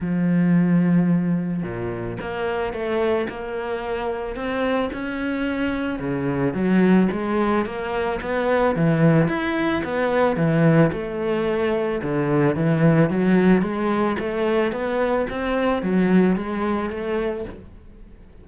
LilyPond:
\new Staff \with { instrumentName = "cello" } { \time 4/4 \tempo 4 = 110 f2. ais,4 | ais4 a4 ais2 | c'4 cis'2 cis4 | fis4 gis4 ais4 b4 |
e4 e'4 b4 e4 | a2 d4 e4 | fis4 gis4 a4 b4 | c'4 fis4 gis4 a4 | }